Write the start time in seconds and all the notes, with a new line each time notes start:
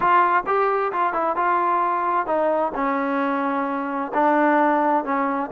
0.00 F4
0.46 G4
0.92 F4
1.13 E4
1.35 F4
2.26 D#4
2.74 C#4
4.13 D4
5.04 C#4